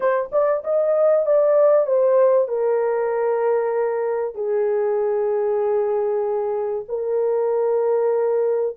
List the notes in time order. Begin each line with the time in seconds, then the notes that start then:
0.00 C5
0.32 D5
0.63 D#5
1.26 D5
1.86 C5
2.48 A#4
4.34 G#4
6.88 A#4